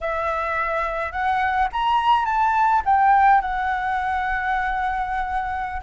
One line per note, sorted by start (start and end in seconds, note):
0.01 1.12 E5
1.12 1.68 F#5
1.72 2.25 A#5
2.25 2.81 A5
2.85 3.41 G5
3.41 5.81 F#5